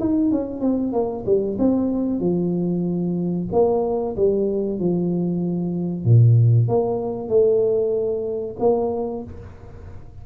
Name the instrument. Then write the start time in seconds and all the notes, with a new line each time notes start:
tuba
0.00 D#4
0.32 C#4
0.61 C4
0.93 A#3
1.26 G3
1.59 C4
2.20 F3
3.52 A#3
4.16 G3
4.79 F3
6.05 A#2
6.68 A#3
7.29 A3
8.60 A#3